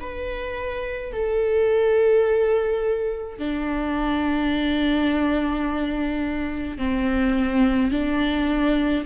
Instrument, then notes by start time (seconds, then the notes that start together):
viola
0.00 B4
1.13 A4
3.39 D4
6.78 C4
7.91 D4